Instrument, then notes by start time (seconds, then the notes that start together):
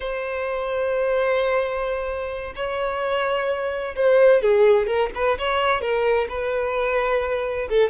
violin
0.00 C5
2.55 C#5
3.95 C5
4.42 G#4
4.86 A#4
5.14 B4
5.38 C#5
5.81 A#4
6.29 B4
7.69 A4